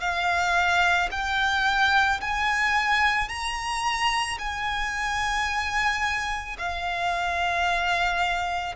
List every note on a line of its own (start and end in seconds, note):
0.00 1.09 F5
1.11 2.20 G5
2.21 3.29 G#5
3.29 4.38 A#5
4.38 6.57 G#5
6.58 8.75 F5